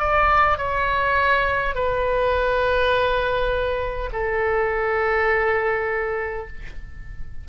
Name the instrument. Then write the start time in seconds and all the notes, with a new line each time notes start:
oboe
0.00 D5
0.58 C#5
1.75 B4
4.13 A4